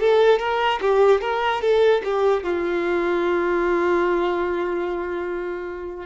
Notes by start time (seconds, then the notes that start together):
0.00 A4
0.39 A#4
0.81 G4
1.21 A#4
1.62 A4
2.05 G4
2.44 F4